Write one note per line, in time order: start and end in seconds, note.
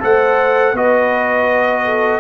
0.00 0.73 A3
0.00 0.73 A4
0.00 0.74 C5
0.00 0.76 F#5
0.73 2.19 B3
0.73 2.20 F#4
0.73 1.84 B4
0.73 2.20 D#5
1.84 2.20 A4